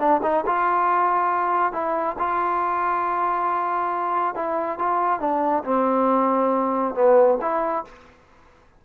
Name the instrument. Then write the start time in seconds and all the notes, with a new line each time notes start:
trombone
0.00 D4
0.23 D#4
0.46 F4
1.73 E4
2.19 F4
4.36 E4
4.79 F4
5.20 D4
5.65 C4
6.95 B3
7.42 E4